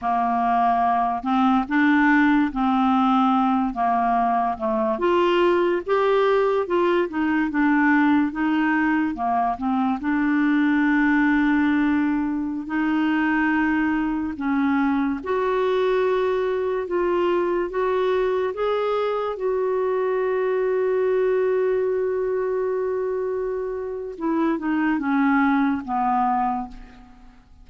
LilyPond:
\new Staff \with { instrumentName = "clarinet" } { \time 4/4 \tempo 4 = 72 ais4. c'8 d'4 c'4~ | c'8 ais4 a8 f'4 g'4 | f'8 dis'8 d'4 dis'4 ais8 c'8 | d'2.~ d'16 dis'8.~ |
dis'4~ dis'16 cis'4 fis'4.~ fis'16~ | fis'16 f'4 fis'4 gis'4 fis'8.~ | fis'1~ | fis'4 e'8 dis'8 cis'4 b4 | }